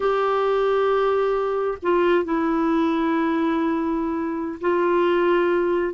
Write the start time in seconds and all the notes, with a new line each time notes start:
0.00 G4
1.82 F4
2.24 E4
4.60 F4